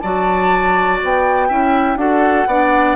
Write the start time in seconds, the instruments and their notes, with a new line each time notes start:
0.00 bassoon F#3, clarinet F#4, oboe D5, flute A5
1.02 bassoon B3, flute G5
1.48 bassoon C#4, clarinet E4, oboe E5
1.96 bassoon D4, clarinet F#4, oboe A4, flute F#5
2.46 bassoon B3, clarinet D4, oboe D5